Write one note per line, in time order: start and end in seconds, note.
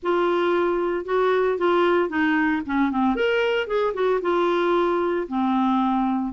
0.02 1.05 F4
1.05 1.58 F#4
1.58 2.09 F4
2.09 2.61 D#4
2.66 2.91 C#4
2.91 3.15 C4
3.15 3.67 A#4
3.67 3.93 G#4
3.94 4.20 F#4
4.21 5.27 F4
5.28 6.33 C4